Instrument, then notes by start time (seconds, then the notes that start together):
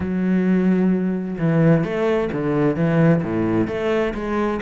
cello
0.00 F#3
1.38 E3
1.84 A3
2.32 D3
2.76 E3
3.23 A2
3.67 A3
4.14 G#3